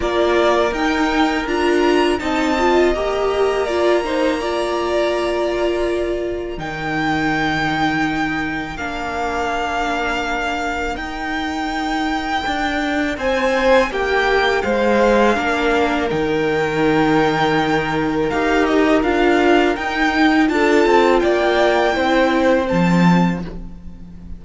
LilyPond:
<<
  \new Staff \with { instrumentName = "violin" } { \time 4/4 \tempo 4 = 82 d''4 g''4 ais''4 a''4 | ais''1~ | ais''4 g''2. | f''2. g''4~ |
g''2 gis''4 g''4 | f''2 g''2~ | g''4 f''8 dis''8 f''4 g''4 | a''4 g''2 a''4 | }
  \new Staff \with { instrumentName = "violin" } { \time 4/4 ais'2. dis''4~ | dis''4 d''8 c''8 d''2~ | d''4 ais'2.~ | ais'1~ |
ais'2 c''4 g'4 | c''4 ais'2.~ | ais'1 | a'4 d''4 c''2 | }
  \new Staff \with { instrumentName = "viola" } { \time 4/4 f'4 dis'4 f'4 dis'8 f'8 | g'4 f'8 dis'8 f'2~ | f'4 dis'2. | d'2. dis'4~ |
dis'1~ | dis'4 d'4 dis'2~ | dis'4 g'4 f'4 dis'4 | f'2 e'4 c'4 | }
  \new Staff \with { instrumentName = "cello" } { \time 4/4 ais4 dis'4 d'4 c'4 | ais1~ | ais4 dis2. | ais2. dis'4~ |
dis'4 d'4 c'4 ais4 | gis4 ais4 dis2~ | dis4 dis'4 d'4 dis'4 | d'8 c'8 ais4 c'4 f4 | }
>>